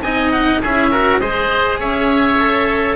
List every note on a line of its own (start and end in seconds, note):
0.00 0.59 C4
0.00 0.64 D#4
0.00 0.62 D#5
0.00 0.32 G#5
0.32 0.62 F#5
0.62 1.21 C#4
0.62 0.92 E4
0.62 0.91 G#4
0.62 1.20 E5
0.91 1.22 F#4
0.91 1.21 A#4
1.20 1.79 G#3
1.20 2.40 G#4
1.20 1.80 C5
1.20 1.79 D#5
1.79 2.97 C#4
1.79 2.97 C#5
1.79 2.97 E5
2.40 2.97 A4